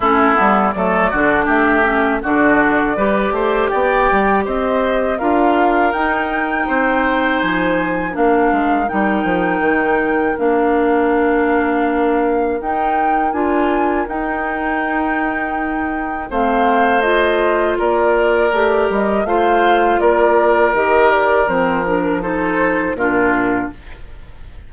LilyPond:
<<
  \new Staff \with { instrumentName = "flute" } { \time 4/4 \tempo 4 = 81 a'4 d''4 e''4 d''4~ | d''4 g''4 dis''4 f''4 | g''2 gis''4 f''4 | g''2 f''2~ |
f''4 g''4 gis''4 g''4~ | g''2 f''4 dis''4 | d''4. dis''8 f''4 d''4 | dis''8 d''8 c''8 ais'8 c''4 ais'4 | }
  \new Staff \with { instrumentName = "oboe" } { \time 4/4 e'4 a'8 fis'8 g'4 fis'4 | b'8 c''8 d''4 c''4 ais'4~ | ais'4 c''2 ais'4~ | ais'1~ |
ais'1~ | ais'2 c''2 | ais'2 c''4 ais'4~ | ais'2 a'4 f'4 | }
  \new Staff \with { instrumentName = "clarinet" } { \time 4/4 cis'8 b8 a8 d'4 cis'8 d'4 | g'2. f'4 | dis'2. d'4 | dis'2 d'2~ |
d'4 dis'4 f'4 dis'4~ | dis'2 c'4 f'4~ | f'4 g'4 f'2 | g'4 c'8 d'8 dis'4 d'4 | }
  \new Staff \with { instrumentName = "bassoon" } { \time 4/4 a8 g8 fis8 d8 a4 d4 | g8 a8 b8 g8 c'4 d'4 | dis'4 c'4 f4 ais8 gis8 | g8 f8 dis4 ais2~ |
ais4 dis'4 d'4 dis'4~ | dis'2 a2 | ais4 a8 g8 a4 ais4 | dis4 f2 ais,4 | }
>>